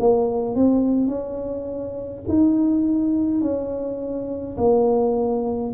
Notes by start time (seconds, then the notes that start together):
0.00 A#3
0.56 C4
1.08 C#4
2.29 D#4
3.42 C#4
4.58 A#3